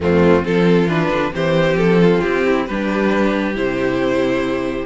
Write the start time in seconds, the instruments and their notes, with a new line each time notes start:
0.00 cello F2, viola A3, violin C4 F4
0.42 cello F3, viola C4, violin F4 A4
0.86 cello E3, viola D4, violin B4
1.10 cello D3
1.32 cello E3, viola C4, violin G4 C5
1.75 cello F3, violin A4
2.01 violin F4
2.21 cello C4, violin G4
2.45 violin E4
2.65 cello G3, viola D4, violin G4 B4
3.54 cello C3, viola E4, violin C5